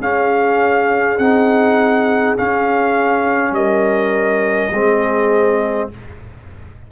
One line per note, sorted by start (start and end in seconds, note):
0.00 1.17 C#4
0.00 1.19 C#4
0.00 3.53 G#4
0.00 1.18 F5
1.17 2.35 C4
1.17 2.37 D#4
1.17 2.36 F#5
2.37 4.72 C#4
2.37 3.51 C#4
2.37 3.54 F5
3.51 4.69 G3
3.51 4.73 A#4
3.51 5.90 D#5
4.70 5.88 G#3
4.70 5.92 C4
4.70 5.90 G#4